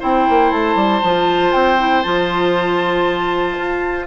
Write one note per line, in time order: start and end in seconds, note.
0.00 0.29 C4
0.00 1.02 E4
0.00 4.07 C5
0.00 0.52 G5
0.29 0.52 A#3
0.52 0.76 A3
0.52 1.53 A5
0.76 1.01 G3
1.03 1.54 F3
1.03 1.78 F4
1.53 2.05 C4
1.53 2.03 G5
1.78 2.04 E4
2.03 3.58 F3
2.03 4.08 F4
2.03 4.06 A5
3.58 4.08 F4